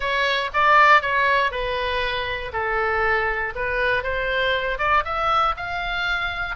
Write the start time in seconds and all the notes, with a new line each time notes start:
0.00 C#5
0.53 D5
1.01 C#5
1.51 B4
2.53 A4
3.55 B4
4.03 C5
4.78 D5
5.04 E5
5.56 F5